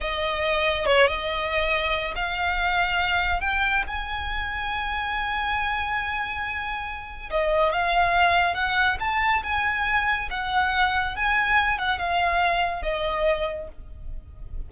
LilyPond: \new Staff \with { instrumentName = "violin" } { \time 4/4 \tempo 4 = 140 dis''2 cis''8 dis''4.~ | dis''4 f''2. | g''4 gis''2.~ | gis''1~ |
gis''4 dis''4 f''2 | fis''4 a''4 gis''2 | fis''2 gis''4. fis''8 | f''2 dis''2 | }